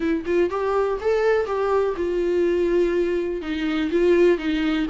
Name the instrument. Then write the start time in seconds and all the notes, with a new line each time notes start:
viola
0.00 E4
0.25 F4
0.50 G4
1.00 A4
1.46 G4
1.96 F4
3.41 D#4
3.91 F4
4.37 D#4